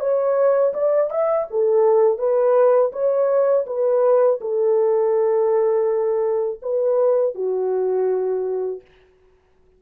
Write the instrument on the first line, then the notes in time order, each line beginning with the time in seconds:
horn
0.00 C#5
0.74 D5
1.10 E5
1.50 A4
2.18 B4
2.92 C#5
3.67 B4
4.41 A4
6.62 B4
7.35 F#4